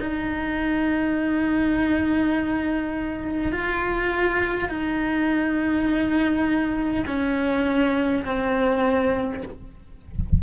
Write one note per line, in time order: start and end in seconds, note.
0.00 3.52 D#4
3.52 4.69 F4
4.69 7.04 D#4
7.07 8.25 C#4
8.25 9.43 C4